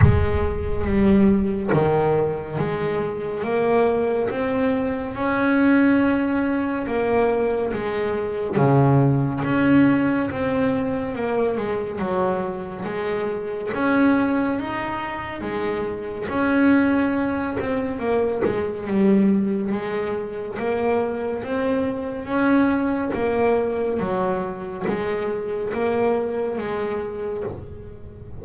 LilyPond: \new Staff \with { instrumentName = "double bass" } { \time 4/4 \tempo 4 = 70 gis4 g4 dis4 gis4 | ais4 c'4 cis'2 | ais4 gis4 cis4 cis'4 | c'4 ais8 gis8 fis4 gis4 |
cis'4 dis'4 gis4 cis'4~ | cis'8 c'8 ais8 gis8 g4 gis4 | ais4 c'4 cis'4 ais4 | fis4 gis4 ais4 gis4 | }